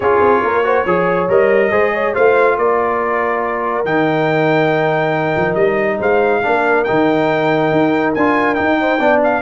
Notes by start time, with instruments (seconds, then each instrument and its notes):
0.00 tuba C#4, trombone F4, horn G#4, trumpet C#5
0.20 tuba C4
0.42 tuba A#3, horn A#4
0.64 trombone F#4, horn C5
0.84 tuba F3, trombone G#4, horn C#5
1.28 tuba G3, trombone A#4, trumpet D#5
1.70 tuba G#3, trombone G#4, horn C5
1.93 horn C#5
2.13 tuba A3, trombone F4, horn C5, trumpet F5
2.57 tuba A#3, horn A#4, trumpet D5
3.85 tuba D#3, trombone D#4, trumpet G5
5.36 tuba F3
5.54 tuba G3, trumpet D#5
5.98 tuba G#3, horn C5, trumpet F5
6.42 tuba A#3, trombone D4, horn A#4
6.84 tuba D#3, trombone D#4, trumpet G5
7.71 tuba D#4
8.14 tuba D4, trombone F4, trumpet G#5
8.54 trombone D#4, tuba D#4, trumpet G5
8.80 horn C5
8.99 tuba B3, trombone D4, horn D5
9.23 trumpet F5